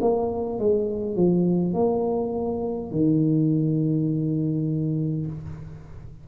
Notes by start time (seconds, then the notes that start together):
0.00 A#3
0.59 G#3
1.15 F3
1.73 A#3
2.91 D#3